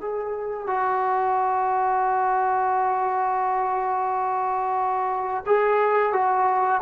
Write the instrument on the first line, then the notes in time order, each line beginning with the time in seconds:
trombone
0.00 G#4
0.66 F#4
5.46 G#4
6.12 F#4